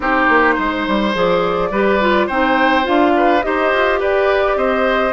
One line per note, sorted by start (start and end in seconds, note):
0.00 0.28 C4
0.00 1.13 D#4
0.00 0.55 G4
0.00 1.17 C5
0.28 0.57 A#3
0.55 0.87 G#3
0.55 1.69 C5
0.87 1.14 G3
1.13 1.71 F3
1.13 1.71 G#4
1.13 2.28 D5
1.71 2.28 G3
1.71 2.00 G4
1.71 2.26 B4
2.00 2.29 F4
2.26 2.86 C4
2.26 2.83 D#4
2.26 3.12 C5
2.26 2.85 G5
2.83 3.44 D4
2.83 3.40 F4
2.83 3.42 F5
3.16 3.45 B4
3.42 3.73 D#4
3.42 5.12 G4
3.42 3.99 C5
3.42 3.99 D#5
3.73 4.01 F4
3.99 4.56 G4
3.99 4.56 B4
3.99 4.57 D5
4.56 5.12 C4
4.56 5.12 C5
4.56 5.12 D#5